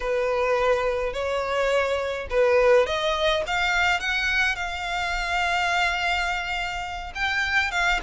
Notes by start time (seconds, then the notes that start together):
0.00 B4
1.13 C#5
2.30 B4
2.86 D#5
3.46 F5
4.00 F#5
4.55 F5
7.14 G5
7.71 F5